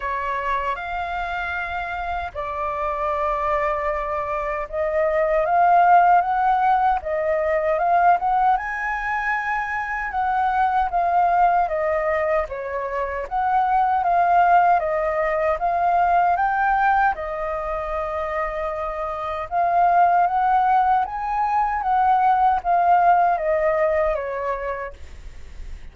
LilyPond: \new Staff \with { instrumentName = "flute" } { \time 4/4 \tempo 4 = 77 cis''4 f''2 d''4~ | d''2 dis''4 f''4 | fis''4 dis''4 f''8 fis''8 gis''4~ | gis''4 fis''4 f''4 dis''4 |
cis''4 fis''4 f''4 dis''4 | f''4 g''4 dis''2~ | dis''4 f''4 fis''4 gis''4 | fis''4 f''4 dis''4 cis''4 | }